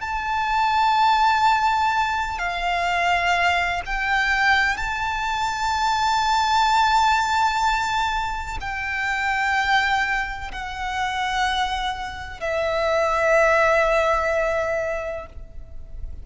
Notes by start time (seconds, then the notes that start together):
0.00 A5
2.39 F5
3.86 G5
4.77 A5
8.61 G5
10.52 F#5
12.40 E5